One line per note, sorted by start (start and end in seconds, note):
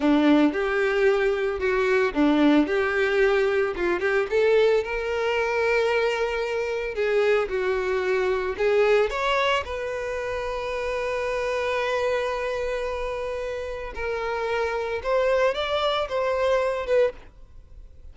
0.00 0.53 D4
0.53 1.59 G4
1.59 2.13 F#4
2.13 2.66 D4
2.66 3.74 G4
3.76 3.99 F4
3.99 4.26 G4
4.30 4.83 A4
4.83 6.94 A#4
6.94 7.48 G#4
7.48 8.55 F#4
8.57 9.09 G#4
9.09 9.63 C#5
9.64 13.93 B4
13.94 15.01 A#4
15.03 15.54 C5
15.54 16.08 D5
16.08 16.86 C5
16.86 17.13 B4